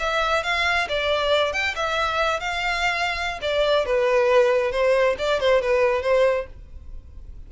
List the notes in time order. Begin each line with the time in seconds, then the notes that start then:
0.00 E5
0.44 F5
0.89 D5
1.53 G5
1.76 E5
2.40 F5
3.42 D5
3.86 B4
4.72 C5
5.19 D5
5.40 C5
5.62 B4
6.02 C5